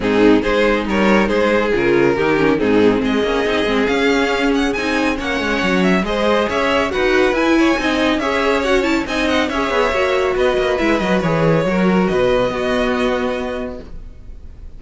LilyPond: <<
  \new Staff \with { instrumentName = "violin" } { \time 4/4 \tempo 4 = 139 gis'4 c''4 cis''4 c''4 | ais'2 gis'4 dis''4~ | dis''4 f''4. fis''8 gis''4 | fis''4. e''8 dis''4 e''4 |
fis''4 gis''2 e''4 | fis''8 a''8 gis''8 fis''8 e''2 | dis''4 e''8 dis''8 cis''2 | dis''1 | }
  \new Staff \with { instrumentName = "violin" } { \time 4/4 dis'4 gis'4 ais'4 gis'4~ | gis'4 g'4 dis'4 gis'4~ | gis'1 | cis''2 c''4 cis''4 |
b'4. cis''8 dis''4 cis''4~ | cis''4 dis''4 cis''2 | b'2. ais'4 | b'4 fis'2. | }
  \new Staff \with { instrumentName = "viola" } { \time 4/4 c'4 dis'2. | f'4 dis'8 cis'8 c'4. cis'8 | dis'8 c'8 cis'2 dis'4 | cis'2 gis'2 |
fis'4 e'4 dis'4 gis'4 | fis'8 e'8 dis'4 gis'4 fis'4~ | fis'4 e'8 fis'8 gis'4 fis'4~ | fis'4 b2. | }
  \new Staff \with { instrumentName = "cello" } { \time 4/4 gis,4 gis4 g4 gis4 | cis4 dis4 gis,4 gis8 ais8 | c'8 gis8 cis'2 c'4 | ais8 gis8 fis4 gis4 cis'4 |
dis'4 e'4 c'4 cis'4~ | cis'4 c'4 cis'8 b8 ais4 | b8 ais8 gis8 fis8 e4 fis4 | b,4 b2. | }
>>